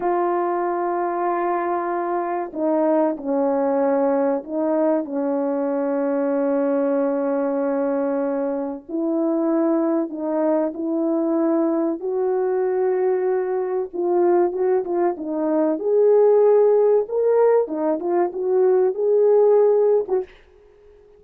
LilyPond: \new Staff \with { instrumentName = "horn" } { \time 4/4 \tempo 4 = 95 f'1 | dis'4 cis'2 dis'4 | cis'1~ | cis'2 e'2 |
dis'4 e'2 fis'4~ | fis'2 f'4 fis'8 f'8 | dis'4 gis'2 ais'4 | dis'8 f'8 fis'4 gis'4.~ gis'16 fis'16 | }